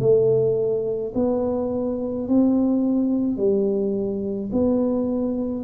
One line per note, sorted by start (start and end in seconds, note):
0.00 1.13 A3
1.15 2.28 B3
2.28 3.37 C4
3.37 4.50 G3
4.52 5.64 B3